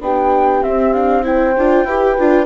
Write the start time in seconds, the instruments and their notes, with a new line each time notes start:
0.00 bassoon B3, viola D4, horn G4, flute G5
0.61 viola C4, bassoon C4, flute E5
0.93 viola D4, flute F5
1.23 viola E4, horn C5, flute G5
1.57 bassoon D4, viola F4
1.85 bassoon E4, viola G4, horn B4
2.18 bassoon D4, viola F4